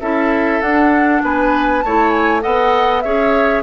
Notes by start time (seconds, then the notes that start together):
0.00 C#4 E4 A4 E5
0.61 D4 F#5
1.23 B3 B4 G#5
1.81 A3 E4 C#5 A5
2.10 G#5
2.41 B3 A4 D#5 F#5
3.01 C#4 G#4 C#5 E5